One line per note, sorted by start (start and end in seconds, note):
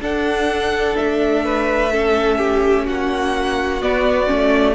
0.00 0.95 D4
0.00 1.91 D4
0.00 1.45 A4
0.00 0.97 F#5
0.97 2.88 A3
0.97 2.87 E5
1.45 1.92 B4
1.91 3.82 C#4
1.91 2.38 A4
2.38 2.85 G4
2.85 3.82 A#3
2.85 4.75 F#4
2.85 3.82 F#5
3.82 4.30 B3
3.82 4.27 B3
3.82 4.75 D5
4.27 4.75 A3
4.27 4.74 C#4